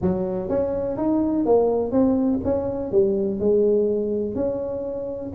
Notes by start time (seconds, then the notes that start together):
0.01 F#3
0.49 C#4
0.97 D#4
1.45 A#3
1.91 C4
2.44 C#4
2.91 G3
3.39 G#3
4.35 C#4